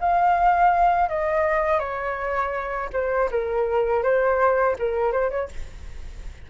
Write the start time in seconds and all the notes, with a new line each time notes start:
0.00 F5
1.08 D#5
1.79 C#5
2.92 C5
3.31 A#4
4.02 C5
4.78 A#4
5.12 C5
5.30 C#5